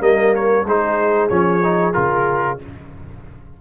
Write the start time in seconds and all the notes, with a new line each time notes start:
0.00 G3 A#3 A#4 D#5
0.35 C#5
0.65 G#3 D#4 G#4 C5
1.29 F3 C#4 C#5
1.63 D#4
1.94 C#3 F4 A#4